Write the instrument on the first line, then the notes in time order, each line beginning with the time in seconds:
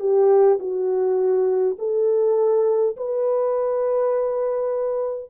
horn
0.00 G4
0.59 F#4
1.79 A4
2.97 B4